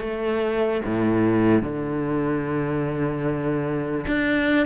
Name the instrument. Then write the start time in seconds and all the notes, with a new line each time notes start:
cello
0.00 A3
0.85 A2
1.63 D3
4.07 D4